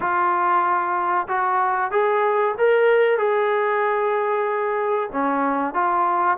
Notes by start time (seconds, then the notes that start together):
0.00 F4
1.28 F#4
1.91 G#4
2.58 A#4
3.18 G#4
5.12 C#4
5.73 F4